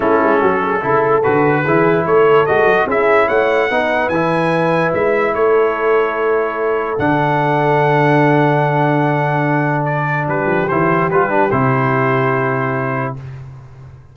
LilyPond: <<
  \new Staff \with { instrumentName = "trumpet" } { \time 4/4 \tempo 4 = 146 a'2. b'4~ | b'4 cis''4 dis''4 e''4 | fis''2 gis''2 | e''4 cis''2.~ |
cis''4 fis''2.~ | fis''1 | d''4 b'4 c''4 b'4 | c''1 | }
  \new Staff \with { instrumentName = "horn" } { \time 4/4 e'4 fis'8 gis'8 a'2 | gis'4 a'2 gis'4 | cis''4 b'2.~ | b'4 a'2.~ |
a'1~ | a'1~ | a'4 g'2.~ | g'1 | }
  \new Staff \with { instrumentName = "trombone" } { \time 4/4 cis'2 e'4 fis'4 | e'2 fis'4 e'4~ | e'4 dis'4 e'2~ | e'1~ |
e'4 d'2.~ | d'1~ | d'2 e'4 f'8 d'8 | e'1 | }
  \new Staff \with { instrumentName = "tuba" } { \time 4/4 a8 gis8 fis4 cis4 d4 | e4 a4 gis8 fis8 cis'4 | a4 b4 e2 | gis4 a2.~ |
a4 d2.~ | d1~ | d4 g8 f8 e4 g4 | c1 | }
>>